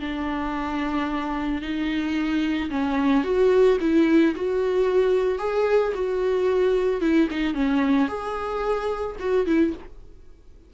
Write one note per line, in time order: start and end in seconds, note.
0.00 1.62 D4
1.62 2.70 D#4
2.70 3.24 C#4
3.24 3.78 F#4
3.81 4.35 E4
4.35 5.39 F#4
5.39 5.93 G#4
5.94 7.01 F#4
7.01 7.28 E4
7.31 7.54 D#4
7.54 8.08 C#4
8.08 9.16 G#4
9.20 9.46 F#4
9.46 9.73 E4